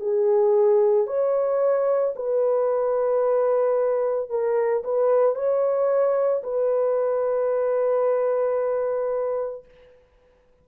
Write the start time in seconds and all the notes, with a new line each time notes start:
0.00 G#4
1.07 C#5
2.15 B4
4.30 A#4
4.84 B4
5.35 C#5
6.43 B4